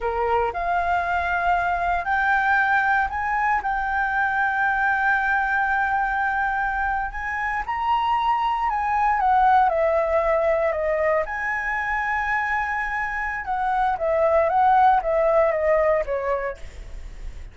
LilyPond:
\new Staff \with { instrumentName = "flute" } { \time 4/4 \tempo 4 = 116 ais'4 f''2. | g''2 gis''4 g''4~ | g''1~ | g''4.~ g''16 gis''4 ais''4~ ais''16~ |
ais''8. gis''4 fis''4 e''4~ e''16~ | e''8. dis''4 gis''2~ gis''16~ | gis''2 fis''4 e''4 | fis''4 e''4 dis''4 cis''4 | }